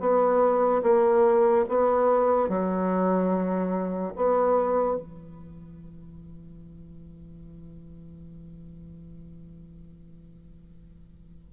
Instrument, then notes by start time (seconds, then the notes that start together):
bassoon
0.00 B3
0.83 A#3
1.69 B3
2.49 F#3
4.16 B3
4.97 E3